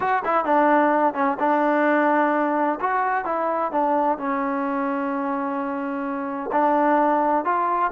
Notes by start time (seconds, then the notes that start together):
0.00 F#4
0.24 E4
0.45 D4
1.14 C#4
1.39 D4
2.80 F#4
3.25 E4
3.71 D4
4.17 C#4
6.52 D4
7.44 F4